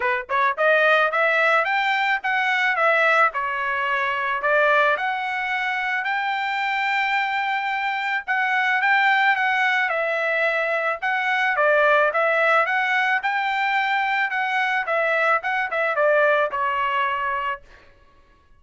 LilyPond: \new Staff \with { instrumentName = "trumpet" } { \time 4/4 \tempo 4 = 109 b'8 cis''8 dis''4 e''4 g''4 | fis''4 e''4 cis''2 | d''4 fis''2 g''4~ | g''2. fis''4 |
g''4 fis''4 e''2 | fis''4 d''4 e''4 fis''4 | g''2 fis''4 e''4 | fis''8 e''8 d''4 cis''2 | }